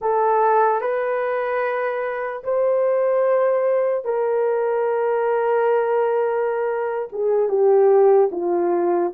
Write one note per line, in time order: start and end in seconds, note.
0.01 0.81 A4
0.81 2.43 B4
2.43 4.04 C5
4.04 7.08 A#4
7.12 7.48 G#4
7.48 8.29 G4
8.31 9.12 F4